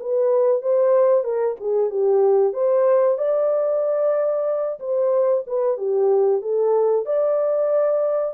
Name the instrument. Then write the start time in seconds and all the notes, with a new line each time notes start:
horn
0.00 B4
0.62 C5
1.24 A#4
1.60 G#4
1.90 G4
2.53 C5
3.18 D5
4.79 C5
5.47 B4
5.77 G4
6.42 A4
7.06 D5